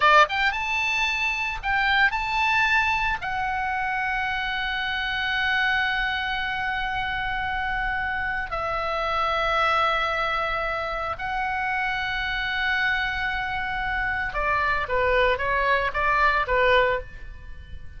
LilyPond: \new Staff \with { instrumentName = "oboe" } { \time 4/4 \tempo 4 = 113 d''8 g''8 a''2 g''4 | a''2 fis''2~ | fis''1~ | fis''1 |
e''1~ | e''4 fis''2.~ | fis''2. d''4 | b'4 cis''4 d''4 b'4 | }